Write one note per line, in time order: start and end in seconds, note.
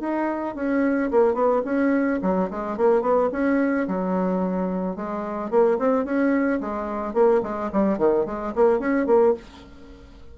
0.00 0.55 D#4
0.55 1.10 C#4
1.11 1.34 A#3
1.34 1.62 B3
1.65 2.20 C#4
2.22 2.49 F#3
2.50 2.77 G#3
2.77 3.02 A#3
3.02 3.29 B3
3.32 3.87 C#4
3.87 4.96 F#3
4.96 5.50 G#3
5.50 5.78 A#3
5.79 6.05 C4
6.05 6.60 C#4
6.61 7.13 G#3
7.13 7.41 A#3
7.43 7.70 G#3
7.72 7.98 G3
7.98 8.26 D#3
8.26 8.53 G#3
8.55 8.79 A#3
8.79 9.06 C#4
9.06 9.34 A#3